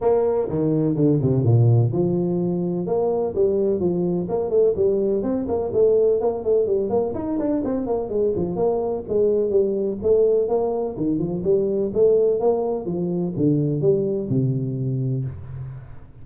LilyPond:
\new Staff \with { instrumentName = "tuba" } { \time 4/4 \tempo 4 = 126 ais4 dis4 d8 c8 ais,4 | f2 ais4 g4 | f4 ais8 a8 g4 c'8 ais8 | a4 ais8 a8 g8 ais8 dis'8 d'8 |
c'8 ais8 gis8 f8 ais4 gis4 | g4 a4 ais4 dis8 f8 | g4 a4 ais4 f4 | d4 g4 c2 | }